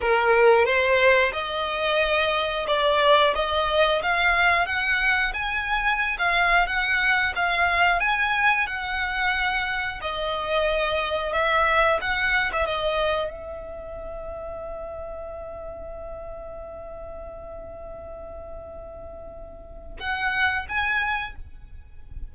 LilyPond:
\new Staff \with { instrumentName = "violin" } { \time 4/4 \tempo 4 = 90 ais'4 c''4 dis''2 | d''4 dis''4 f''4 fis''4 | gis''4~ gis''16 f''8. fis''4 f''4 | gis''4 fis''2 dis''4~ |
dis''4 e''4 fis''8. e''16 dis''4 | e''1~ | e''1~ | e''2 fis''4 gis''4 | }